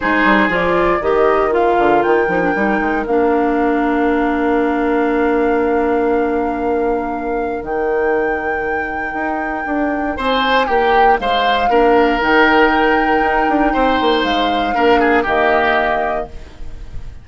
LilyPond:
<<
  \new Staff \with { instrumentName = "flute" } { \time 4/4 \tempo 4 = 118 c''4 d''4 dis''4 f''4 | g''2 f''2~ | f''1~ | f''2. g''4~ |
g''1 | gis''4 g''4 f''2 | g''1 | f''2 dis''2 | }
  \new Staff \with { instrumentName = "oboe" } { \time 4/4 gis'2 ais'2~ | ais'1~ | ais'1~ | ais'1~ |
ais'1 | c''4 g'4 c''4 ais'4~ | ais'2. c''4~ | c''4 ais'8 gis'8 g'2 | }
  \new Staff \with { instrumentName = "clarinet" } { \time 4/4 dis'4 f'4 g'4 f'4~ | f'8 dis'16 d'16 dis'4 d'2~ | d'1~ | d'2. dis'4~ |
dis'1~ | dis'2. d'4 | dis'1~ | dis'4 d'4 ais2 | }
  \new Staff \with { instrumentName = "bassoon" } { \time 4/4 gis8 g8 f4 dis4. d8 | dis8 f8 g8 gis8 ais2~ | ais1~ | ais2. dis4~ |
dis2 dis'4 d'4 | c'4 ais4 gis4 ais4 | dis2 dis'8 d'8 c'8 ais8 | gis4 ais4 dis2 | }
>>